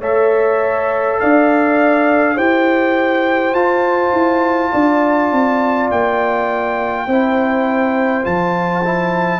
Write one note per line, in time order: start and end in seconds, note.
0.00 1.18 A3
0.00 2.37 A4
0.00 1.18 C#5
0.00 1.20 E5
1.20 2.37 D4
1.20 2.36 D5
1.20 2.37 F5
2.36 3.53 E4
2.36 3.55 G4
2.36 4.71 C5
2.36 3.54 G5
3.53 4.12 F4
3.53 7.08 F4
3.53 5.89 A5
4.13 4.72 E4
4.72 5.32 D4
4.72 7.07 D5
5.32 5.91 C4
5.90 7.07 A#3
5.90 8.25 G5
7.07 8.25 C4
7.07 8.24 E4
7.07 9.40 C5
8.24 9.40 F3
8.24 8.82 F4
8.24 9.40 A5
8.84 9.40 E4